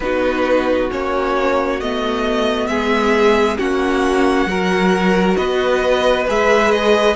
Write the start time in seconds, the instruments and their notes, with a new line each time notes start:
0.00 cello B3, viola D#4, violin F#4 B4
0.90 cello A#3, viola C#4, violin C#5
1.80 cello A3, viola B3, violin D#5
2.67 cello G#3, violin G#4 E5
3.58 cello A#3, viola C#4, violin F#4 F#5
4.46 cello F#3, viola F#4, violin A#4
5.35 cello B3, violin B4 D#5
6.27 cello G#3, viola G#4, violin E5
6.71 violin D#5